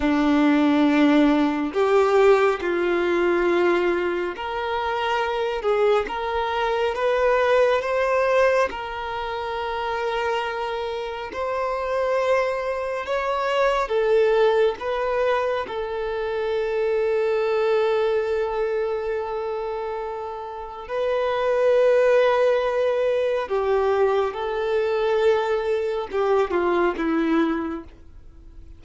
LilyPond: \new Staff \with { instrumentName = "violin" } { \time 4/4 \tempo 4 = 69 d'2 g'4 f'4~ | f'4 ais'4. gis'8 ais'4 | b'4 c''4 ais'2~ | ais'4 c''2 cis''4 |
a'4 b'4 a'2~ | a'1 | b'2. g'4 | a'2 g'8 f'8 e'4 | }